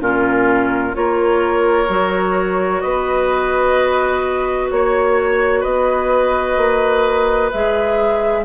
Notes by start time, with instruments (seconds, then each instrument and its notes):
0.00 bassoon A#2, clarinet C#4, oboe F4, flute A#4
0.93 bassoon A#3, clarinet F4, oboe A#4, flute C#5
1.88 bassoon F#3, clarinet F#4
2.81 bassoon B3, oboe B4, flute D#5
4.70 bassoon A#3, flute C#5, oboe C#5
5.60 bassoon B3, oboe B4, flute D#5
6.57 bassoon A#3
7.51 bassoon G#3, clarinet G#4, flute E5